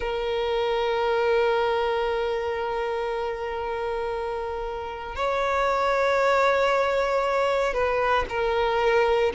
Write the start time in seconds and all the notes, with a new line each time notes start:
0.00 A#4
5.15 C#5
7.73 B4
8.29 A#4